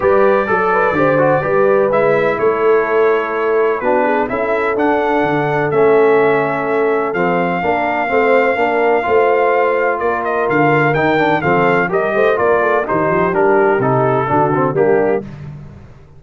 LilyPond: <<
  \new Staff \with { instrumentName = "trumpet" } { \time 4/4 \tempo 4 = 126 d''1 | e''4 cis''2. | b'4 e''4 fis''2 | e''2. f''4~ |
f''1~ | f''4 d''8 dis''8 f''4 g''4 | f''4 dis''4 d''4 c''4 | ais'4 a'2 g'4 | }
  \new Staff \with { instrumentName = "horn" } { \time 4/4 b'4 a'8 b'8 c''4 b'4~ | b'4 a'2. | fis'8 gis'8 a'2.~ | a'1 |
ais'4 c''4 ais'4 c''4~ | c''4 ais'2. | a'4 ais'8 c''8 ais'8 a'8 g'4~ | g'2 fis'4 d'4 | }
  \new Staff \with { instrumentName = "trombone" } { \time 4/4 g'4 a'4 g'8 fis'8 g'4 | e'1 | d'4 e'4 d'2 | cis'2. c'4 |
d'4 c'4 d'4 f'4~ | f'2. dis'8 d'8 | c'4 g'4 f'4 dis'4 | d'4 dis'4 d'8 c'8 ais4 | }
  \new Staff \with { instrumentName = "tuba" } { \time 4/4 g4 fis4 d4 g4 | gis4 a2. | b4 cis'4 d'4 d4 | a2. f4 |
ais4 a4 ais4 a4~ | a4 ais4 d4 dis4 | f4 g8 a8 ais4 dis8 f8 | g4 c4 d4 g4 | }
>>